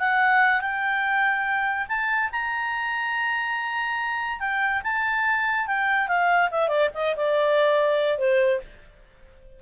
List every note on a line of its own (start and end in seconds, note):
0.00 0.61 F#5
0.61 1.87 G5
1.89 2.31 A5
2.32 4.40 A#5
4.40 4.82 G5
4.84 5.67 A5
5.67 6.08 G5
6.08 6.50 F5
6.51 6.69 E5
6.69 6.90 D5
6.95 7.16 D#5
7.17 8.19 D5
8.19 8.61 C5